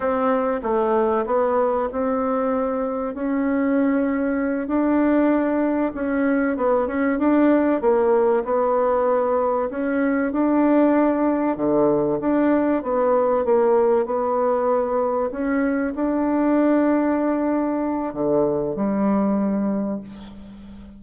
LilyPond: \new Staff \with { instrumentName = "bassoon" } { \time 4/4 \tempo 4 = 96 c'4 a4 b4 c'4~ | c'4 cis'2~ cis'8 d'8~ | d'4. cis'4 b8 cis'8 d'8~ | d'8 ais4 b2 cis'8~ |
cis'8 d'2 d4 d'8~ | d'8 b4 ais4 b4.~ | b8 cis'4 d'2~ d'8~ | d'4 d4 g2 | }